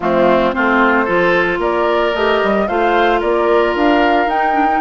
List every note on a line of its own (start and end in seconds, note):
0.00 0.53 F3
0.00 0.53 A3
0.00 0.55 C4
0.00 0.53 F4
0.53 1.08 A3
0.53 1.06 C4
0.53 1.05 F4
0.53 1.60 C5
1.05 1.58 F3
1.05 2.13 F4
1.05 1.58 A4
1.58 2.12 A#3
1.58 2.67 A#4
1.58 2.15 D5
2.14 2.41 A3
2.14 2.68 G4
2.14 2.67 D#5
2.43 2.68 G3
2.67 3.22 A3
2.67 4.29 F4
2.67 3.20 C5
2.67 3.21 F5
3.20 3.75 A#3
3.20 4.80 A#4
3.20 3.75 D5
3.75 4.26 D4
3.75 4.29 F5
4.26 4.80 D#4
4.26 4.52 D#4
4.26 4.80 G5
4.52 4.66 D4
4.70 4.80 D#4